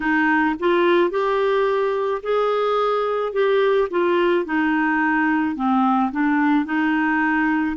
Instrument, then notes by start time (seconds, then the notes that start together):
clarinet
0.00 D#4
0.59 F4
1.10 G4
2.22 G#4
3.32 G4
3.90 F4
4.44 D#4
5.56 C4
6.11 D4
6.65 D#4